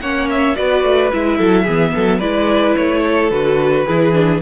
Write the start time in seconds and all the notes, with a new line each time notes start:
0.00 A#3 C#4 C#5 F#5
0.30 E5
0.56 B3 F#4 B4 D5
0.84 A3
1.11 G#3 E4 E5
1.38 F#3 A4
1.64 E3 B3 G#4
1.95 F#3 A4
2.19 G#3 E4 B4 D5
2.77 A3 C#5
3.05 A4
3.30 D3 F#4 B4
3.86 E3 E4 G#4
4.13 D4